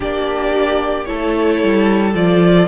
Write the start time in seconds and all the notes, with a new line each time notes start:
0.00 A#3 D4 G4 D5
1.04 A3 E4 A4 C#5
1.63 G3
2.14 F3 F4 D5